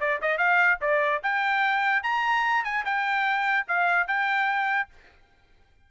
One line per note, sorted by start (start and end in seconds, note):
0.00 0.20 D5
0.22 0.37 D#5
0.37 0.78 F5
0.81 1.22 D5
1.23 2.03 G5
2.03 2.64 A#5
2.64 2.84 G#5
2.85 3.66 G5
3.68 4.07 F5
4.07 4.89 G5